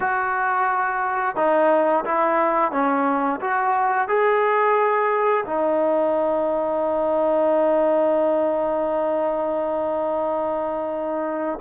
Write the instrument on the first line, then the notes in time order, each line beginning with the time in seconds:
trombone
0.00 F#4
1.36 D#4
2.04 E4
2.71 C#4
3.40 F#4
4.08 G#4
5.45 D#4